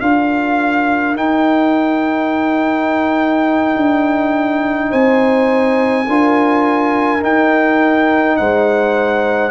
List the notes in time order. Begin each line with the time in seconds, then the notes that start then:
0.00 D4 F4 A#4 F5
1.15 D#4 G5
3.76 D4
4.90 C4 C5 G#5
6.07 D4 F4 A#4
7.20 D#4 G5
8.36 G#3 C5 F#5